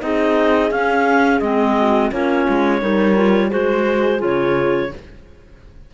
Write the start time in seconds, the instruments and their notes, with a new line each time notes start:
0.00 cello C4, clarinet D#4 D#5, horn G#4
0.71 cello C#4, clarinet C#4 F5
1.40 cello G#3, clarinet C4 D#5
1.79 horn F#4
2.11 cello A#3, clarinet C#4 C#5, horn F4
2.49 cello G#3
2.81 cello G3, clarinet D#4, horn A#4
3.16 clarinet F4
3.49 cello G#3, clarinet F#4 C5, horn G#4
4.19 cello C#3, clarinet F4 C#5